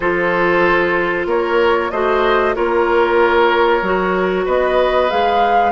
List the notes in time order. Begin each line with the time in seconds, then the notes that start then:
0.00 F3 F4 A4 C5
1.26 A#3 A#4 C#5
1.90 A3 F#4 C5 D#5
2.54 A#3 F4 A#4 C#5
3.82 F#3 F#4
4.45 B3 B4 D#5
5.09 G#3 G#4 F5